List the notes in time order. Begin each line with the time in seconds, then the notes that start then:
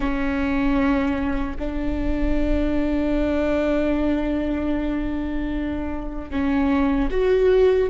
0.00 C#4
1.58 D4
6.30 C#4
7.11 F#4